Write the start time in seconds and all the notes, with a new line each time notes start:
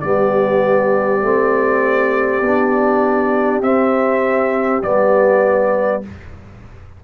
0.00 G3 B3 G4 D5
1.21 A3 C4
2.41 B3 D4
3.60 C4 E5
4.82 G3 B3 D5